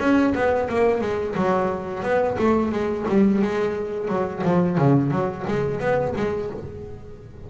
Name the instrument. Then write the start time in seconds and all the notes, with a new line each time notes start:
double bass
0.00 C#4
0.35 B3
0.69 A#3
1.01 G#3
1.36 F#3
2.03 B3
2.39 A3
2.72 G#3
3.09 G3
3.42 G#3
4.08 F#3
4.44 F3
4.79 C#3
5.12 F#3
5.48 G#3
5.80 B3
6.16 G#3